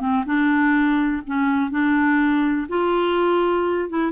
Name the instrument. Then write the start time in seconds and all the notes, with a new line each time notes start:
clarinet
0.00 C4
0.26 D4
1.26 C#4
1.70 D4
2.68 F4
3.89 E4